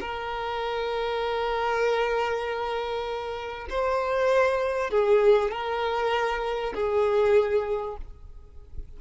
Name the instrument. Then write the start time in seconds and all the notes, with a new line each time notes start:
violin
0.00 A#4
3.69 C5
4.90 G#4
5.51 A#4
6.74 G#4